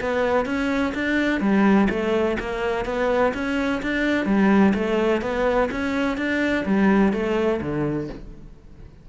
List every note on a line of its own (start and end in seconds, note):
0.00 0.45 B3
0.45 0.93 C#4
0.94 1.40 D4
1.40 1.88 G3
1.89 2.37 A3
2.39 2.85 A#3
2.85 3.32 B3
3.34 3.81 C#4
3.82 4.26 D4
4.26 4.73 G3
4.74 5.21 A3
5.21 5.69 B3
5.71 6.17 C#4
6.17 6.65 D4
6.65 7.13 G3
7.13 7.60 A3
7.61 8.08 D3